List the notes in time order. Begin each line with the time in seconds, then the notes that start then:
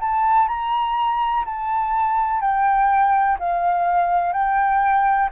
0.00 A5
0.48 A#5
1.45 A5
2.41 G5
3.39 F5
4.32 G5